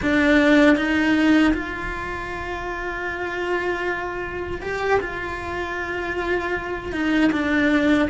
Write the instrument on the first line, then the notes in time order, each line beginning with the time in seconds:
cello
0.01 D4
0.76 D#4
1.53 F4
4.61 G4
5.00 F4
6.92 D#4
7.31 D4